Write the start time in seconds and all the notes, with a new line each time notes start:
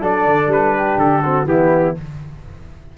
0.00 F#3 D4 A4 D5
0.26 D3
0.47 G3 B4
0.76 G4
0.97 D3 A4
1.22 C4 F#4
1.44 E3 B3 E4 G4